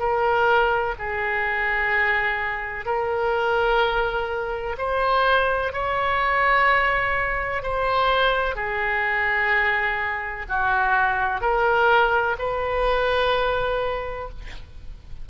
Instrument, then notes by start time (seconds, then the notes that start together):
oboe
0.00 A#4
0.99 G#4
2.86 A#4
4.78 C5
5.73 C#5
7.63 C5
8.56 G#4
10.49 F#4
11.42 A#4
12.39 B4